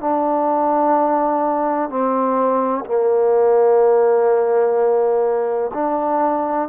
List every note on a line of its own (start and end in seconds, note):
0.00 1.90 D4
1.90 2.85 C4
2.86 5.71 A#3
5.74 6.68 D4